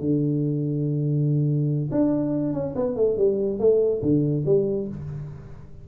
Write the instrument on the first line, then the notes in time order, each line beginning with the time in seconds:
tuba
0.00 D3
1.91 D4
2.53 C#4
2.76 B3
2.96 A3
3.17 G3
3.59 A3
4.02 D3
4.46 G3